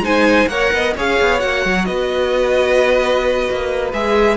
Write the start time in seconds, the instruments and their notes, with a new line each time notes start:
0.00 cello G#3, viola D#4, violin C5 G#5
0.47 cello A#3, viola A#4, violin C#5 F#5
0.73 cello B3, violin D#5
0.96 cello C#4, viola G#4, violin C#5 F5
1.20 cello B3
1.39 cello A#3, viola F#4, violin F#5
1.65 cello F#3
1.85 cello B3, violin B4 D#5
3.50 cello A#3
3.93 cello G#3, viola G#4, violin E5